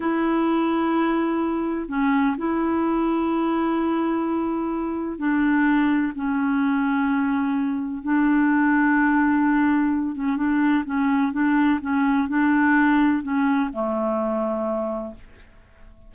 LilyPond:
\new Staff \with { instrumentName = "clarinet" } { \time 4/4 \tempo 4 = 127 e'1 | cis'4 e'2.~ | e'2. d'4~ | d'4 cis'2.~ |
cis'4 d'2.~ | d'4. cis'8 d'4 cis'4 | d'4 cis'4 d'2 | cis'4 a2. | }